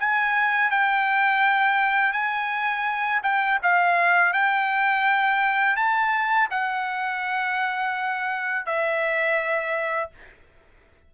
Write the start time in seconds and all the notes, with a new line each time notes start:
0.00 G#5
0.71 G5
2.13 G#5
3.23 G5
3.63 F5
4.33 G5
5.77 A5
6.51 F#5
8.66 E5